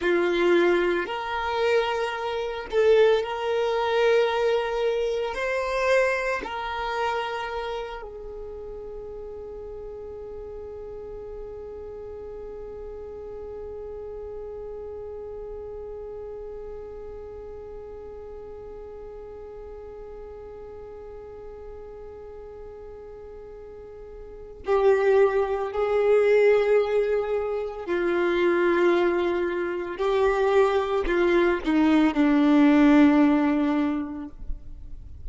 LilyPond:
\new Staff \with { instrumentName = "violin" } { \time 4/4 \tempo 4 = 56 f'4 ais'4. a'8 ais'4~ | ais'4 c''4 ais'4. gis'8~ | gis'1~ | gis'1~ |
gis'1~ | gis'2. g'4 | gis'2 f'2 | g'4 f'8 dis'8 d'2 | }